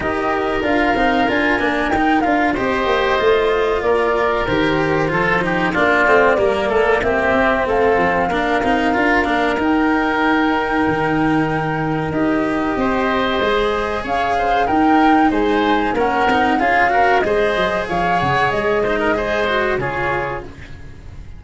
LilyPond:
<<
  \new Staff \with { instrumentName = "flute" } { \time 4/4 \tempo 4 = 94 dis''4 f''4 gis''4 g''8 f''8 | dis''2 d''4 c''4~ | c''4 d''2 e''4 | f''2. g''4~ |
g''2. dis''4~ | dis''2 f''4 g''4 | gis''4 fis''4 f''4 dis''4 | f''8 fis''8 dis''2 cis''4 | }
  \new Staff \with { instrumentName = "oboe" } { \time 4/4 ais'1 | c''2 ais'2 | a'8 g'8 f'4 ais'8 a'8 g'4 | a'4 ais'2.~ |
ais'1 | c''2 cis''8 c''8 ais'4 | c''4 ais'4 gis'8 ais'8 c''4 | cis''4. c''16 ais'16 c''4 gis'4 | }
  \new Staff \with { instrumentName = "cello" } { \time 4/4 g'4 f'8 dis'8 f'8 d'8 dis'8 f'8 | g'4 f'2 g'4 | f'8 dis'8 d'8 c'8 ais4 c'4~ | c'4 d'8 dis'8 f'8 d'8 dis'4~ |
dis'2. g'4~ | g'4 gis'2 dis'4~ | dis'4 cis'8 dis'8 f'8 fis'8 gis'4~ | gis'4. dis'8 gis'8 fis'8 f'4 | }
  \new Staff \with { instrumentName = "tuba" } { \time 4/4 dis'4 d'8 c'8 d'8 ais8 dis'8 d'8 | c'8 ais8 a4 ais4 dis4 | f4 ais8 a8 g8 a8 ais8 c'8 | a8 f8 ais8 c'8 d'8 ais8 dis'4~ |
dis'4 dis2 dis'4 | c'4 gis4 cis'4 dis'4 | gis4 ais8 c'8 cis'4 gis8 fis8 | f8 cis8 gis2 cis4 | }
>>